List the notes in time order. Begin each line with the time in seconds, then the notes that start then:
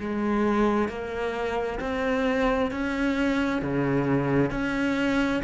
0.00 G#3
0.89 A#3
1.80 C4
2.71 C#4
3.62 C#3
4.51 C#4